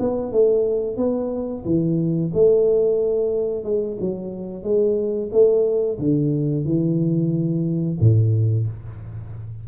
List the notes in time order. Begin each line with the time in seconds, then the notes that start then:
0.00 B3
0.32 A3
0.97 B3
1.65 E3
2.34 A3
3.64 G#3
4.01 F#3
4.63 G#3
5.32 A3
5.99 D3
6.65 E3
8.01 A2